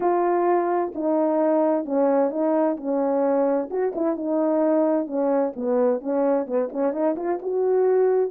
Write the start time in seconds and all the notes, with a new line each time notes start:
0.00 F4
0.94 D#4
1.85 C#4
2.30 D#4
2.77 C#4
3.70 F#4
3.95 E4
4.16 D#4
5.06 C#4
5.56 B3
6.00 C#4
6.46 B3
6.72 C#4
6.92 D#4
7.16 F4
7.41 F#4